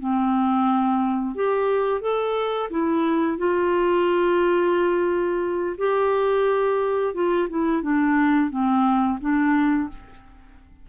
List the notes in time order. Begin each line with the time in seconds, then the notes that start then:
0.00 C4
1.35 G4
2.01 A4
2.70 E4
3.38 F4
5.78 G4
7.14 F4
7.50 E4
7.82 D4
8.50 C4
9.21 D4